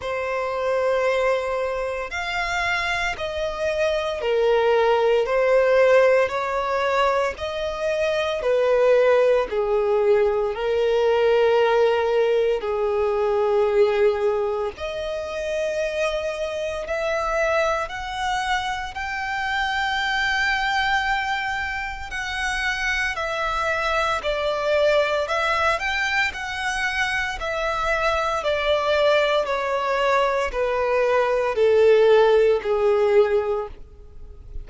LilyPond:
\new Staff \with { instrumentName = "violin" } { \time 4/4 \tempo 4 = 57 c''2 f''4 dis''4 | ais'4 c''4 cis''4 dis''4 | b'4 gis'4 ais'2 | gis'2 dis''2 |
e''4 fis''4 g''2~ | g''4 fis''4 e''4 d''4 | e''8 g''8 fis''4 e''4 d''4 | cis''4 b'4 a'4 gis'4 | }